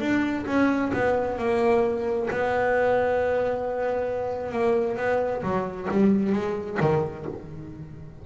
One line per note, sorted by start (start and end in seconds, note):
0.00 0.45 D4
0.47 0.92 C#4
0.93 1.38 B3
1.38 2.29 A#3
2.30 4.52 B3
4.52 4.97 A#3
4.97 5.42 B3
5.43 5.88 F#3
5.91 6.33 G3
6.33 6.78 G#3
6.81 7.26 D#3